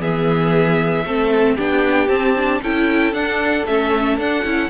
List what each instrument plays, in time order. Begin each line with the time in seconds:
0.00 cello E3, viola B3, violin G#4 E5
1.05 cello A3, viola C4, violin A4
1.56 cello B3, viola D4, violin G4 G5
2.08 viola C4, cello C4, violin A5
2.37 viola D4
2.63 cello C#4, viola E4, violin A4 G5
3.14 cello D4, viola D4, violin F#5
3.67 cello A3, viola C#4, violin E5
4.18 cello D4, viola D4, violin F#5
4.44 cello C#4, viola E4